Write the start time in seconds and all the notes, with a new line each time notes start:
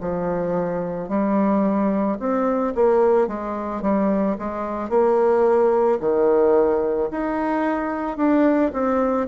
0.00 F3
1.09 G3
2.19 C4
2.75 A#3
3.27 G#3
3.82 G3
4.38 G#3
4.89 A#3
6.00 D#3
7.11 D#4
8.17 D4
8.73 C4